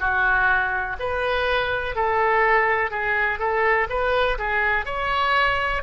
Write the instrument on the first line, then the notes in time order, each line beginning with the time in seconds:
oboe
0.00 F#4
1.00 B4
1.96 A4
2.91 G#4
3.39 A4
3.90 B4
4.39 G#4
4.86 C#5